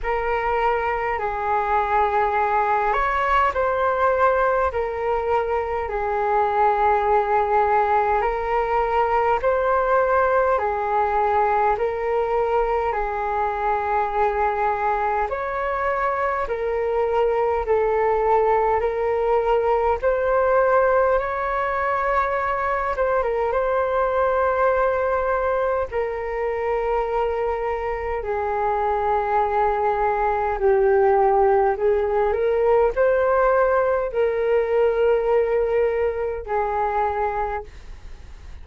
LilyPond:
\new Staff \with { instrumentName = "flute" } { \time 4/4 \tempo 4 = 51 ais'4 gis'4. cis''8 c''4 | ais'4 gis'2 ais'4 | c''4 gis'4 ais'4 gis'4~ | gis'4 cis''4 ais'4 a'4 |
ais'4 c''4 cis''4. c''16 ais'16 | c''2 ais'2 | gis'2 g'4 gis'8 ais'8 | c''4 ais'2 gis'4 | }